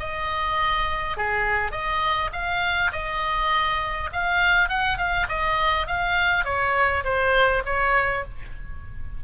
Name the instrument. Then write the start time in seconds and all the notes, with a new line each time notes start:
oboe
0.00 D#5
1.17 G#4
1.72 D#5
2.33 F5
2.93 D#5
4.13 F5
4.70 F#5
4.98 F5
5.29 D#5
5.88 F5
6.45 C#5
7.05 C5
7.66 C#5